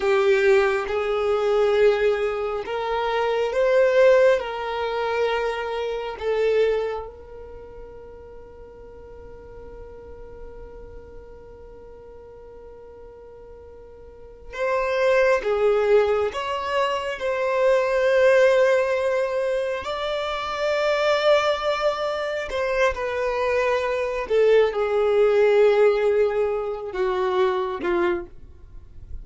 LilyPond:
\new Staff \with { instrumentName = "violin" } { \time 4/4 \tempo 4 = 68 g'4 gis'2 ais'4 | c''4 ais'2 a'4 | ais'1~ | ais'1~ |
ais'8 c''4 gis'4 cis''4 c''8~ | c''2~ c''8 d''4.~ | d''4. c''8 b'4. a'8 | gis'2~ gis'8 fis'4 f'8 | }